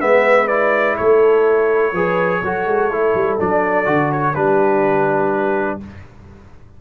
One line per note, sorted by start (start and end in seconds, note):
0.00 0.98 G#3
0.00 0.48 B3
0.00 0.97 B4
0.00 0.47 E5
0.47 1.93 E4
0.47 0.96 D5
0.96 1.92 A3
0.96 1.93 A4
0.96 3.38 C#5
1.92 2.41 F3
1.92 2.43 G#4
1.92 2.41 B4
2.42 2.65 F#3
2.42 2.91 F#4
2.42 4.35 A4
2.65 2.88 G#3
2.88 3.12 A3
2.88 3.39 E4
3.14 3.38 G3
3.39 3.86 F#3
3.39 3.85 D4
3.39 4.12 D5
3.85 4.35 D3
3.85 4.33 F#4
4.12 4.34 C#5
4.34 5.80 G3
4.34 5.80 D4
4.34 5.80 G4
4.34 5.80 B4